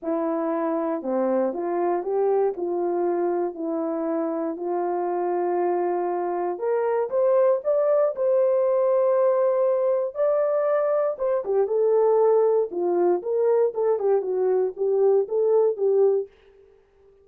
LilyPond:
\new Staff \with { instrumentName = "horn" } { \time 4/4 \tempo 4 = 118 e'2 c'4 f'4 | g'4 f'2 e'4~ | e'4 f'2.~ | f'4 ais'4 c''4 d''4 |
c''1 | d''2 c''8 g'8 a'4~ | a'4 f'4 ais'4 a'8 g'8 | fis'4 g'4 a'4 g'4 | }